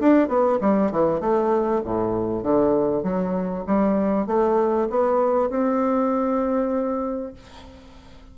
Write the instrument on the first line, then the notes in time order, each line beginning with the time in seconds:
bassoon
0.00 D4
0.28 B3
0.61 G3
0.92 E3
1.20 A3
1.85 A2
2.43 D3
3.03 F#3
3.67 G3
4.27 A3
4.90 B3
5.50 C4